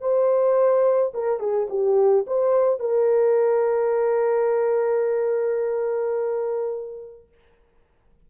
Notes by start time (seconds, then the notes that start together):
0.00 C5
1.14 A#4
1.39 G#4
1.69 G4
2.27 C5
2.79 A#4